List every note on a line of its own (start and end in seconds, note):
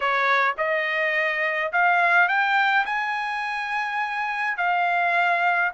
0.00 0.54 C#5
0.57 1.71 D#5
1.72 2.28 F5
2.28 2.85 G5
2.85 4.57 G#5
4.57 5.71 F5